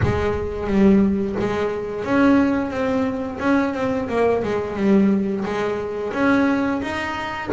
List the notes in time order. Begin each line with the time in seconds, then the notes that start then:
0.02 G#3
0.67 G3
1.39 G#3
2.04 C#4
2.70 C4
3.39 C#4
3.74 C4
4.08 A#3
4.43 G#3
4.75 G3
5.44 G#3
6.13 C#4
6.82 D#4